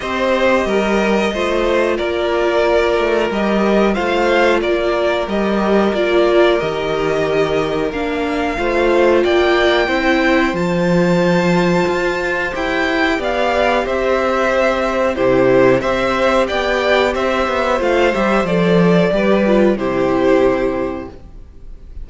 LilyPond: <<
  \new Staff \with { instrumentName = "violin" } { \time 4/4 \tempo 4 = 91 dis''2. d''4~ | d''4 dis''4 f''4 d''4 | dis''4 d''4 dis''2 | f''2 g''2 |
a''2. g''4 | f''4 e''2 c''4 | e''4 g''4 e''4 f''8 e''8 | d''2 c''2 | }
  \new Staff \with { instrumentName = "violin" } { \time 4/4 c''4 ais'4 c''4 ais'4~ | ais'2 c''4 ais'4~ | ais'1~ | ais'4 c''4 d''4 c''4~ |
c''1 | d''4 c''2 g'4 | c''4 d''4 c''2~ | c''4 b'4 g'2 | }
  \new Staff \with { instrumentName = "viola" } { \time 4/4 g'2 f'2~ | f'4 g'4 f'2 | g'4 f'4 g'2 | d'4 f'2 e'4 |
f'2. g'4~ | g'2. e'4 | g'2. f'8 g'8 | a'4 g'8 f'8 e'2 | }
  \new Staff \with { instrumentName = "cello" } { \time 4/4 c'4 g4 a4 ais4~ | ais8 a8 g4 a4 ais4 | g4 ais4 dis2 | ais4 a4 ais4 c'4 |
f2 f'4 e'4 | b4 c'2 c4 | c'4 b4 c'8 b8 a8 g8 | f4 g4 c2 | }
>>